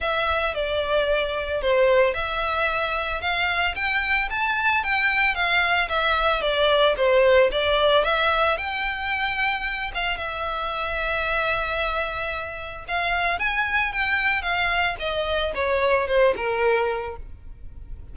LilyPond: \new Staff \with { instrumentName = "violin" } { \time 4/4 \tempo 4 = 112 e''4 d''2 c''4 | e''2 f''4 g''4 | a''4 g''4 f''4 e''4 | d''4 c''4 d''4 e''4 |
g''2~ g''8 f''8 e''4~ | e''1 | f''4 gis''4 g''4 f''4 | dis''4 cis''4 c''8 ais'4. | }